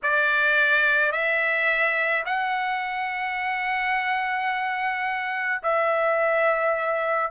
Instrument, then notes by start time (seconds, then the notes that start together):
trumpet
0.03 D5
1.12 E5
2.25 F#5
5.62 E5